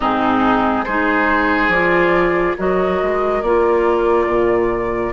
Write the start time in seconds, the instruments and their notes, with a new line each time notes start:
0.00 bassoon G#2, clarinet C4, oboe D#4, flute G#4
0.84 bassoon G#3, clarinet D#4, oboe G#4, flute C5
1.68 bassoon F3, clarinet F4, flute D5
2.57 bassoon F#3, clarinet F#4, oboe A#4, flute D#5
3.02 bassoon G#3
3.41 bassoon A#3, clarinet F4, flute D5
4.27 bassoon A#2